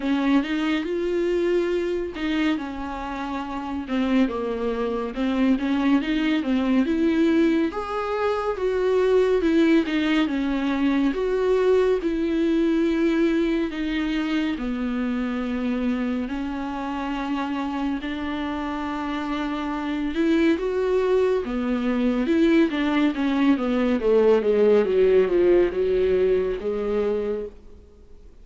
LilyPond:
\new Staff \with { instrumentName = "viola" } { \time 4/4 \tempo 4 = 70 cis'8 dis'8 f'4. dis'8 cis'4~ | cis'8 c'8 ais4 c'8 cis'8 dis'8 c'8 | e'4 gis'4 fis'4 e'8 dis'8 | cis'4 fis'4 e'2 |
dis'4 b2 cis'4~ | cis'4 d'2~ d'8 e'8 | fis'4 b4 e'8 d'8 cis'8 b8 | a8 gis8 fis8 f8 fis4 gis4 | }